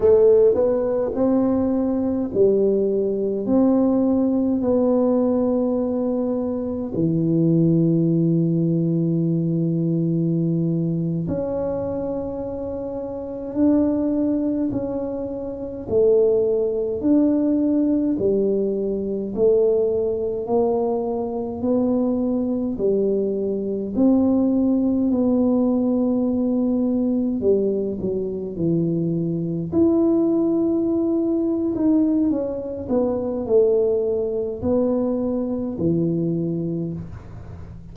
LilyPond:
\new Staff \with { instrumentName = "tuba" } { \time 4/4 \tempo 4 = 52 a8 b8 c'4 g4 c'4 | b2 e2~ | e4.~ e16 cis'2 d'16~ | d'8. cis'4 a4 d'4 g16~ |
g8. a4 ais4 b4 g16~ | g8. c'4 b2 g16~ | g16 fis8 e4 e'4.~ e'16 dis'8 | cis'8 b8 a4 b4 e4 | }